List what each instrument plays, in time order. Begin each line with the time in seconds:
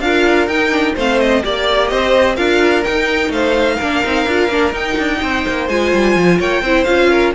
0.00 cello D4, viola F4, violin A#4 F5
0.47 cello D#4, viola D#4, violin G5
0.70 viola D4
0.95 cello A3, viola C4, violin C5 F5
1.20 violin D#5
1.43 cello A#3, viola G4, violin D5
1.88 cello C4, violin C5 D#5
2.36 cello D4, viola F4, violin A#4 F5
2.84 viola D#4, cello D#4, violin G5
3.29 cello A3, violin C5 F5
3.75 cello A#3, violin A#4
3.82 viola D4
4.04 cello C4, viola D#4
4.26 cello D4, viola F4
4.48 cello A#3, viola D4
4.72 cello D#4, viola D#4, violin G5
4.98 cello D4
5.22 cello C4, violin C5
5.48 cello A#3
5.68 cello G#3, viola F4, violin G#5
5.94 cello G3
6.15 cello F3
6.38 cello A#3, violin C#5 G5
6.62 cello C4, viola E4, violin C5
6.84 cello C#4, viola F4, violin F5
7.10 violin A#4